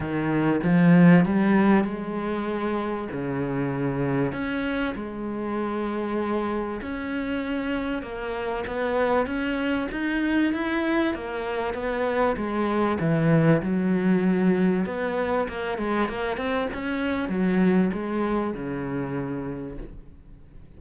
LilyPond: \new Staff \with { instrumentName = "cello" } { \time 4/4 \tempo 4 = 97 dis4 f4 g4 gis4~ | gis4 cis2 cis'4 | gis2. cis'4~ | cis'4 ais4 b4 cis'4 |
dis'4 e'4 ais4 b4 | gis4 e4 fis2 | b4 ais8 gis8 ais8 c'8 cis'4 | fis4 gis4 cis2 | }